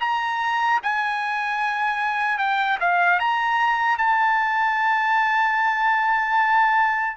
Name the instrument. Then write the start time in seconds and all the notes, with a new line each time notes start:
trumpet
0.00 A#5
0.83 G#5
2.38 G5
2.80 F5
3.19 A#5
3.98 A5